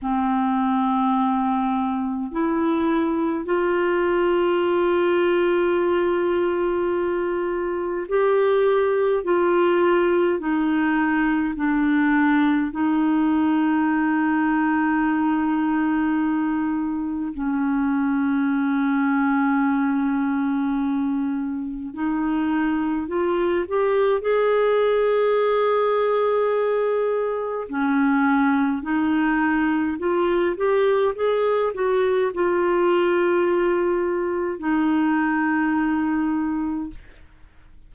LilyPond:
\new Staff \with { instrumentName = "clarinet" } { \time 4/4 \tempo 4 = 52 c'2 e'4 f'4~ | f'2. g'4 | f'4 dis'4 d'4 dis'4~ | dis'2. cis'4~ |
cis'2. dis'4 | f'8 g'8 gis'2. | cis'4 dis'4 f'8 g'8 gis'8 fis'8 | f'2 dis'2 | }